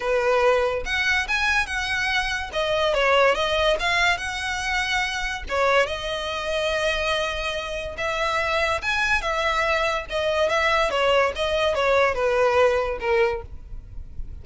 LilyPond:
\new Staff \with { instrumentName = "violin" } { \time 4/4 \tempo 4 = 143 b'2 fis''4 gis''4 | fis''2 dis''4 cis''4 | dis''4 f''4 fis''2~ | fis''4 cis''4 dis''2~ |
dis''2. e''4~ | e''4 gis''4 e''2 | dis''4 e''4 cis''4 dis''4 | cis''4 b'2 ais'4 | }